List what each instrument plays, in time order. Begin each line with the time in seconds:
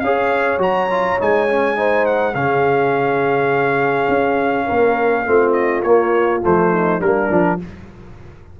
0.00 tuba C#4, trombone G#4, horn C#5, trumpet F5
0.58 tuba F#3, trombone F#4, trumpet A#5
0.90 trombone F4
1.19 tuba G#3, trombone D#4, trumpet G#5
1.49 trombone C#4
1.76 trombone D#4, horn C5
2.06 trumpet F#5
2.35 tuba C#3, trombone C#4, horn G#4, trumpet F5
4.08 tuba C#4
4.67 tuba A#3, horn A#4
5.26 tuba A3, trombone C4, horn F4
5.53 trumpet D#5
5.83 tuba A#3, trombone A#3, trumpet C#5
6.42 tuba F3, trombone A3, trumpet C5
6.71 horn D#4
7.00 tuba G3, trombone A#3, horn D4, trumpet A#4
7.30 tuba F3, trombone D4